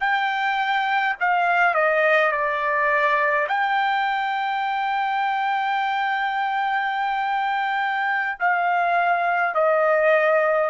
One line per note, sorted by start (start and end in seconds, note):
0.00 1.15 G5
1.20 1.74 F5
1.74 2.32 D#5
2.32 3.47 D5
3.48 8.39 G5
8.40 9.55 F5
9.55 10.70 D#5